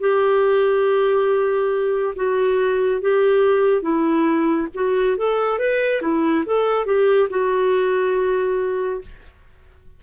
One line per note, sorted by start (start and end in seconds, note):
0.00 2.14 G4
2.15 3.01 F#4
3.01 3.82 G4
3.82 4.68 E4
4.74 5.17 F#4
5.17 5.59 A4
5.59 6.01 B4
6.01 6.44 E4
6.46 6.86 A4
6.86 7.29 G4
7.30 9.01 F#4